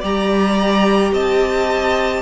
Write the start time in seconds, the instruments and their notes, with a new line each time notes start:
0.00 cello G3, viola G4, violin D5 A#5
1.12 cello C4, violin D#5 A5